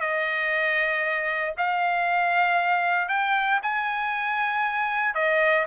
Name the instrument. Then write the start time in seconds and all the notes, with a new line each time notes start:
trumpet
0.00 D#5
1.57 F5
3.08 G5
3.62 G#5
5.14 D#5